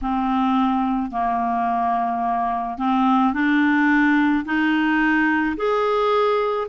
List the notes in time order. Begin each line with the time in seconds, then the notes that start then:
0.02 C4
1.11 A#3
2.78 C4
3.33 D4
4.44 D#4
5.56 G#4